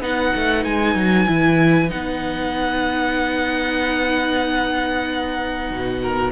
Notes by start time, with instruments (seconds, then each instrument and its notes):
0.00 cello B3, viola D#4, violin B4 F#5
0.36 cello A3
0.64 cello G#3, violin G#5
0.95 cello F#3
1.27 cello E3, viola E4
1.89 cello B3, viola D#4, violin F#5
5.71 cello B2
6.02 violin A#4